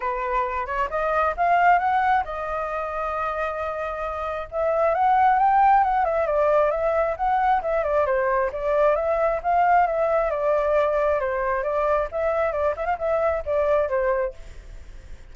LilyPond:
\new Staff \with { instrumentName = "flute" } { \time 4/4 \tempo 4 = 134 b'4. cis''8 dis''4 f''4 | fis''4 dis''2.~ | dis''2 e''4 fis''4 | g''4 fis''8 e''8 d''4 e''4 |
fis''4 e''8 d''8 c''4 d''4 | e''4 f''4 e''4 d''4~ | d''4 c''4 d''4 e''4 | d''8 e''16 f''16 e''4 d''4 c''4 | }